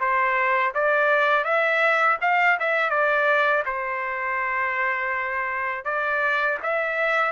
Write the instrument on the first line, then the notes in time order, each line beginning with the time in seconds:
trumpet
0.00 C5
0.74 D5
1.44 E5
2.22 F5
2.60 E5
2.90 D5
3.66 C5
5.85 D5
6.63 E5